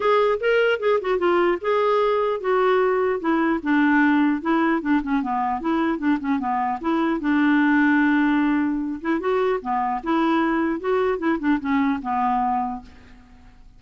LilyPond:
\new Staff \with { instrumentName = "clarinet" } { \time 4/4 \tempo 4 = 150 gis'4 ais'4 gis'8 fis'8 f'4 | gis'2 fis'2 | e'4 d'2 e'4 | d'8 cis'8 b4 e'4 d'8 cis'8 |
b4 e'4 d'2~ | d'2~ d'8 e'8 fis'4 | b4 e'2 fis'4 | e'8 d'8 cis'4 b2 | }